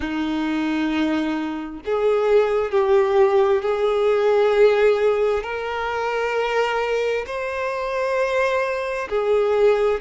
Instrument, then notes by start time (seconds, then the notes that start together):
violin
0.00 D#4
1.85 G#4
2.71 G4
3.62 G#4
5.43 A#4
7.26 C5
9.09 G#4